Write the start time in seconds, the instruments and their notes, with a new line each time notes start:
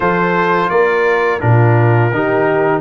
0.00 tuba F3, trombone F4, horn A4, trumpet C5
0.69 tuba A#3, horn A#4, trumpet D5
1.40 tuba A#2, trombone D4, horn F4, trumpet A#4
2.12 tuba D#3, trombone D#4, horn G4